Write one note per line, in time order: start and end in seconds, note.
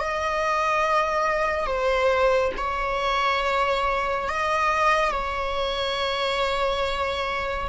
0.00 1.67 D#5
1.67 2.52 C5
2.57 4.29 C#5
4.29 5.11 D#5
5.11 7.68 C#5